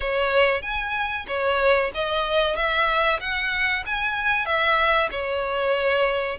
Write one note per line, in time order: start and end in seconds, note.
0.00 0.62 C#5
0.62 1.26 G#5
1.27 1.91 C#5
1.94 2.55 D#5
2.55 3.19 E5
3.20 3.84 F#5
3.86 4.45 G#5
4.45 5.09 E5
5.11 6.39 C#5